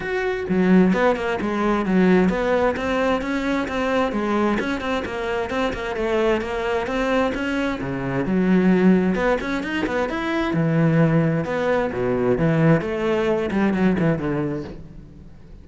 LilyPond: \new Staff \with { instrumentName = "cello" } { \time 4/4 \tempo 4 = 131 fis'4 fis4 b8 ais8 gis4 | fis4 b4 c'4 cis'4 | c'4 gis4 cis'8 c'8 ais4 | c'8 ais8 a4 ais4 c'4 |
cis'4 cis4 fis2 | b8 cis'8 dis'8 b8 e'4 e4~ | e4 b4 b,4 e4 | a4. g8 fis8 e8 d4 | }